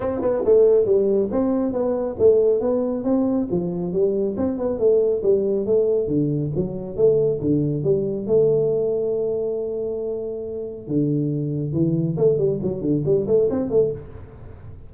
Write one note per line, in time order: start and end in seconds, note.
0.00 0.21 C4
0.21 0.42 B3
0.44 0.85 A3
0.85 1.29 G3
1.31 1.72 C4
1.72 2.15 B3
2.19 2.60 A3
2.60 3.03 B3
3.04 3.47 C4
3.50 3.92 F3
3.92 4.36 G3
4.37 4.58 C4
4.58 4.78 B3
4.78 5.22 A3
5.23 5.65 G3
5.65 6.07 A3
6.07 6.51 D3
6.55 6.96 F#3
6.96 7.40 A3
7.41 7.83 D3
7.83 8.26 G3
8.26 10.87 A3
10.87 11.73 D3
11.73 12.16 E3
12.17 12.38 A3
12.38 12.59 G3
12.62 12.81 F#3
12.81 13.03 D3
13.05 13.26 G3
13.27 13.49 A3
13.50 13.70 C4
13.70 13.91 A3